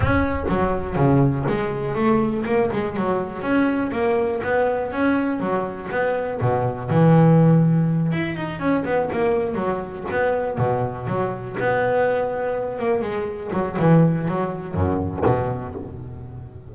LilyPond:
\new Staff \with { instrumentName = "double bass" } { \time 4/4 \tempo 4 = 122 cis'4 fis4 cis4 gis4 | a4 ais8 gis8 fis4 cis'4 | ais4 b4 cis'4 fis4 | b4 b,4 e2~ |
e8 e'8 dis'8 cis'8 b8 ais4 fis8~ | fis8 b4 b,4 fis4 b8~ | b2 ais8 gis4 fis8 | e4 fis4 fis,4 b,4 | }